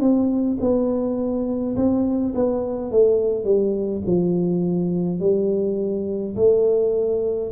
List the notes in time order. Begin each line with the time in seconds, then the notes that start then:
0.00 C4
0.60 B3
1.76 C4
2.35 B3
2.91 A3
3.44 G3
4.06 F3
5.20 G3
6.36 A3